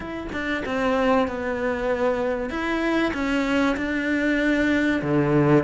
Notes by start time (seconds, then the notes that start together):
0.00 E4
0.32 D4
0.65 C4
1.27 B3
2.50 E4
3.13 C#4
3.76 D4
5.02 D3